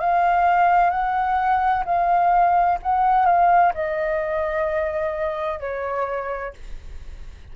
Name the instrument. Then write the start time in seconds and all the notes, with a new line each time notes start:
flute
0.00 F5
0.90 F#5
1.85 F5
2.83 F#5
3.26 F5
3.74 D#5
5.59 C#5